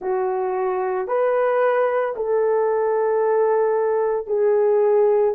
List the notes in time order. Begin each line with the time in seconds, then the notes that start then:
0.00 F#4
1.07 B4
2.15 A4
4.27 G#4